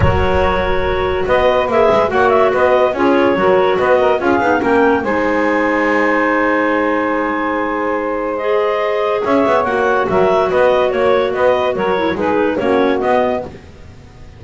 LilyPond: <<
  \new Staff \with { instrumentName = "clarinet" } { \time 4/4 \tempo 4 = 143 cis''2. dis''4 | e''4 fis''8 e''8 dis''4 cis''4~ | cis''4 dis''4 f''4 g''4 | gis''1~ |
gis''1 | dis''2 e''4 fis''4 | e''4 dis''4 cis''4 dis''4 | cis''4 b'4 cis''4 dis''4 | }
  \new Staff \with { instrumentName = "saxophone" } { \time 4/4 ais'2. b'4~ | b'4 cis''4 b'4 gis'4 | ais'4 b'8 ais'8 gis'4 ais'4 | c''1~ |
c''1~ | c''2 cis''2 | ais'4 b'4 cis''4 b'4 | ais'4 gis'4 fis'2 | }
  \new Staff \with { instrumentName = "clarinet" } { \time 4/4 fis'1 | gis'4 fis'2 f'4 | fis'2 f'8 dis'8 cis'4 | dis'1~ |
dis'1 | gis'2. fis'4~ | fis'1~ | fis'8 e'8 dis'4 cis'4 b4 | }
  \new Staff \with { instrumentName = "double bass" } { \time 4/4 fis2. b4 | ais8 gis8 ais4 b4 cis'4 | fis4 b4 cis'8 b8 ais4 | gis1~ |
gis1~ | gis2 cis'8 b8 ais4 | fis4 b4 ais4 b4 | fis4 gis4 ais4 b4 | }
>>